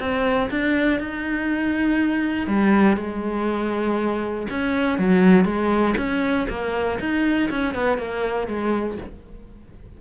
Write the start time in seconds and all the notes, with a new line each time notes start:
0.00 C4
0.51 D4
1.00 D#4
2.48 G3
2.97 G#3
4.50 C#4
4.99 F#3
5.45 G#3
5.97 C#4
6.50 A#3
7.00 D#4
7.51 C#4
7.75 B3
7.98 A#3
8.48 G#3